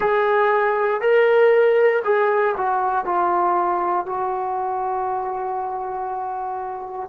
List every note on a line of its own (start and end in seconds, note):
0.00 1.01 G#4
1.01 2.02 A#4
2.04 2.55 G#4
2.57 3.05 F#4
3.05 4.05 F4
4.05 7.09 F#4